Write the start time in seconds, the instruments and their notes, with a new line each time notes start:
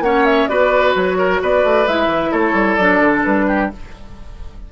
0.00 bassoon A#3, clarinet C#4, oboe C#5, flute F#5
0.25 flute E5
0.48 bassoon B3, clarinet F#4, oboe B4, flute D5
0.95 bassoon F#3, flute C#5
1.18 oboe A#4
1.42 bassoon B3, oboe B4, flute D5
1.64 bassoon A3
1.87 bassoon G#3, clarinet E4, flute E5
2.06 bassoon E3
2.31 bassoon A3, oboe A4, flute C#5
2.53 bassoon G3
2.75 bassoon F#3, clarinet D4, flute D5
3.01 bassoon D3
3.24 bassoon G3, flute B4
3.47 oboe G4